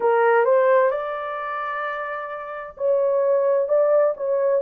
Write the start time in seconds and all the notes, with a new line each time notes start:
0.00 A#4
0.44 C5
0.90 D5
2.77 C#5
3.68 D5
4.16 C#5